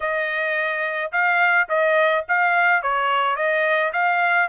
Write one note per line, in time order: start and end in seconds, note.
0.00 1.11 D#5
1.12 1.68 F5
1.68 2.24 D#5
2.28 2.82 F5
2.82 3.35 C#5
3.35 3.92 D#5
3.93 4.48 F5